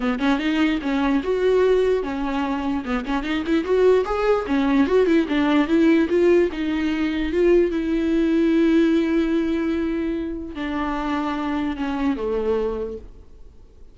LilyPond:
\new Staff \with { instrumentName = "viola" } { \time 4/4 \tempo 4 = 148 b8 cis'8 dis'4 cis'4 fis'4~ | fis'4 cis'2 b8 cis'8 | dis'8 e'8 fis'4 gis'4 cis'4 | fis'8 e'8 d'4 e'4 f'4 |
dis'2 f'4 e'4~ | e'1~ | e'2 d'2~ | d'4 cis'4 a2 | }